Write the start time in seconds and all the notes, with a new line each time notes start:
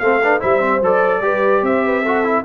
0.00 A3 C4 A4 F5
0.22 D4 B4
0.40 G3 E4 C5 E5
0.60 C4
0.82 F#3 A4 D5
1.22 G3 G4 B4
1.63 C4 C5 E5
1.85 B4
2.03 F#4 A4
2.25 E4